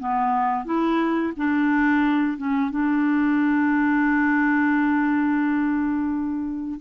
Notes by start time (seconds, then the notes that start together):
0.00 B3
0.65 E4
1.37 D4
2.38 C#4
2.71 D4